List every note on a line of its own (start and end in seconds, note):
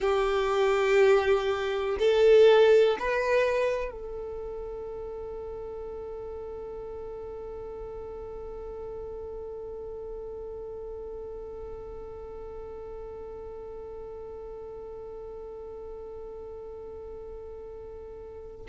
0.00 1.97 G4
1.99 2.97 A4
2.99 3.91 B4
3.91 18.66 A4